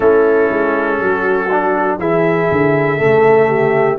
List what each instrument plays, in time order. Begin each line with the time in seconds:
0.00 tuba A3, trombone C#4, horn E4, trumpet A4
0.50 tuba G#3
0.99 tuba F#3, horn F#4
1.51 trombone D4
1.98 tuba E3, trombone E4, horn G#4, trumpet E5
2.51 tuba D3
2.98 tuba C#3, trombone A3, horn A4
3.48 horn G4